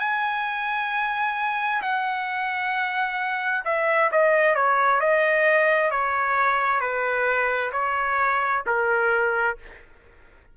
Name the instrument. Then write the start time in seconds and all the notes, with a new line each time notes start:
trumpet
0.00 G#5
1.82 F#5
3.65 E5
4.12 D#5
4.56 C#5
5.01 D#5
5.91 C#5
6.81 B4
7.72 C#5
8.67 A#4